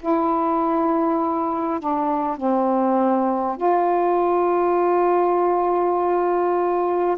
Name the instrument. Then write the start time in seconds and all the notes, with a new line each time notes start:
saxophone
0.00 E4
1.80 D4
2.37 C4
3.57 F4